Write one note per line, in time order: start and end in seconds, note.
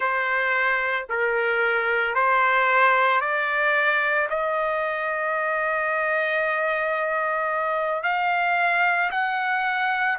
0.00 1.06 C5
1.09 2.14 A#4
2.14 3.20 C5
3.20 4.28 D5
4.29 8.03 D#5
8.03 9.10 F5
9.11 10.18 F#5